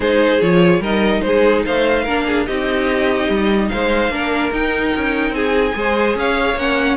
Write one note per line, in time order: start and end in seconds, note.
0.00 0.40 G#3
0.00 0.41 D#4
0.00 0.81 G#4
0.00 0.41 C5
0.41 0.79 F3
0.41 0.82 F4
0.41 0.82 C#5
0.79 1.20 G3
0.79 2.07 D#4
0.79 1.22 A#4
0.79 1.21 D#5
1.21 1.65 G#3
1.21 1.65 G#4
1.21 1.62 C5
1.65 2.06 A3
1.65 2.03 C5
1.65 2.46 F5
2.03 2.47 A#3
2.03 2.48 D4
2.03 2.23 A#4
2.26 2.45 G#4
2.45 3.28 C4
2.45 4.11 D#4
2.45 3.69 G4
2.45 3.69 D#5
3.28 3.70 G3
3.69 4.09 G#3
3.69 4.12 C5
3.69 4.51 F5
4.09 4.50 A#3
4.09 4.52 D4
4.09 5.34 A#4
4.51 4.92 D#4
4.51 5.73 D#4
4.51 5.34 G5
4.96 5.30 C#4
5.30 5.71 C4
5.30 5.75 G#4
5.30 6.16 G#5
5.73 6.15 G#3
5.73 6.55 G#4
5.73 6.18 C5
6.15 6.55 C#4
6.15 6.96 C#5
6.15 6.58 F5
6.55 6.96 A#3
6.55 6.96 C#4
6.55 6.96 F#5